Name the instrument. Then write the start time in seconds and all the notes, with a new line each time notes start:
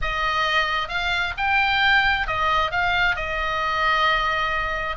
oboe
0.01 D#5
0.88 F5
1.37 G5
2.27 D#5
2.71 F5
3.16 D#5